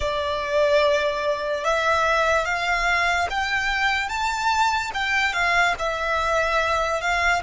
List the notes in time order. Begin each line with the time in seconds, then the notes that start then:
0.00 D5
1.64 E5
2.45 F5
3.30 G5
4.08 A5
4.94 G5
5.33 F5
5.78 E5
7.01 F5